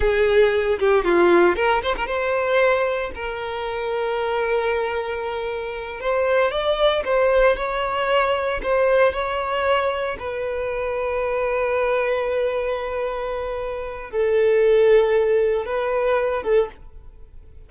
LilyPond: \new Staff \with { instrumentName = "violin" } { \time 4/4 \tempo 4 = 115 gis'4. g'8 f'4 ais'8 c''16 ais'16 | c''2 ais'2~ | ais'2.~ ais'8 c''8~ | c''8 d''4 c''4 cis''4.~ |
cis''8 c''4 cis''2 b'8~ | b'1~ | b'2. a'4~ | a'2 b'4. a'8 | }